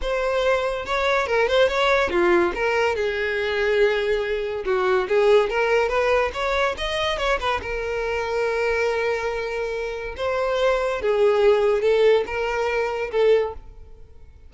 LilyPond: \new Staff \with { instrumentName = "violin" } { \time 4/4 \tempo 4 = 142 c''2 cis''4 ais'8 c''8 | cis''4 f'4 ais'4 gis'4~ | gis'2. fis'4 | gis'4 ais'4 b'4 cis''4 |
dis''4 cis''8 b'8 ais'2~ | ais'1 | c''2 gis'2 | a'4 ais'2 a'4 | }